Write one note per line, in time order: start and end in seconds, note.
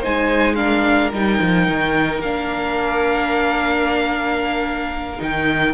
0.00 1.12 G#3
0.00 0.57 D#4
0.00 0.55 C5
0.00 0.56 G#5
0.56 1.12 D4
0.56 5.75 A#4
0.56 1.10 F5
1.12 1.39 G3
1.12 2.23 D#4
1.12 2.22 G5
1.41 1.68 F3
1.68 2.19 D#3
2.19 5.19 A#3
2.19 5.19 D4
2.19 5.22 F5
5.19 5.75 D#3
5.19 5.73 D#4
5.19 5.75 G5